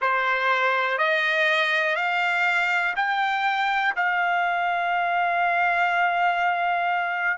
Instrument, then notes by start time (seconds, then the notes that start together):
trumpet
0.00 C5
0.97 D#5
1.95 F5
2.96 G5
3.96 F5